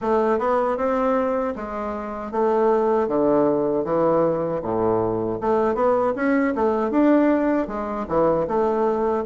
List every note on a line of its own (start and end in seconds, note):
0.01 0.38 A3
0.38 0.77 B3
0.77 1.54 C4
1.55 2.31 G#3
2.31 3.08 A3
3.08 3.84 D3
3.84 4.61 E3
4.62 5.39 A2
5.41 5.74 A3
5.74 6.13 B3
6.15 6.54 C#4
6.55 6.91 A3
6.91 7.67 D4
7.67 8.06 G#3
8.08 8.47 E3
8.47 9.24 A3